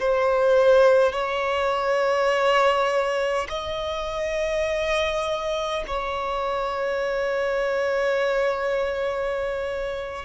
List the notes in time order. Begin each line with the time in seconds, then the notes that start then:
0.00 C5
1.12 C#5
3.49 D#5
5.87 C#5